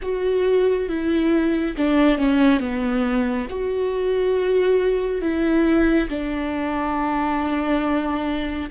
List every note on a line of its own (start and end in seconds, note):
0.02 0.89 F#4
0.89 1.75 E4
1.76 2.17 D4
2.17 2.60 C#4
2.60 3.47 B3
3.49 5.21 F#4
5.21 6.08 E4
6.09 8.70 D4